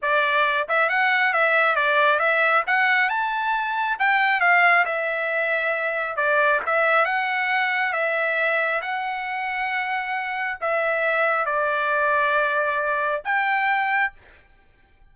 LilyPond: \new Staff \with { instrumentName = "trumpet" } { \time 4/4 \tempo 4 = 136 d''4. e''8 fis''4 e''4 | d''4 e''4 fis''4 a''4~ | a''4 g''4 f''4 e''4~ | e''2 d''4 e''4 |
fis''2 e''2 | fis''1 | e''2 d''2~ | d''2 g''2 | }